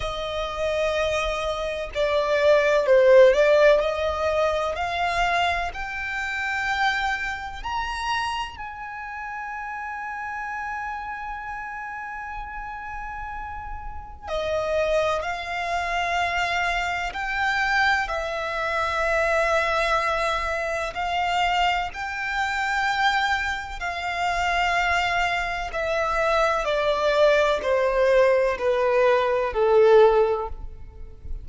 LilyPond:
\new Staff \with { instrumentName = "violin" } { \time 4/4 \tempo 4 = 63 dis''2 d''4 c''8 d''8 | dis''4 f''4 g''2 | ais''4 gis''2.~ | gis''2. dis''4 |
f''2 g''4 e''4~ | e''2 f''4 g''4~ | g''4 f''2 e''4 | d''4 c''4 b'4 a'4 | }